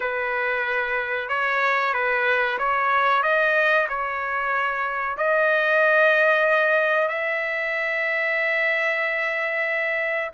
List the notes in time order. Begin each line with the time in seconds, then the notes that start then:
0.00 B4
1.28 C#5
1.93 B4
2.58 C#5
3.22 D#5
3.88 C#5
5.17 D#5
7.08 E5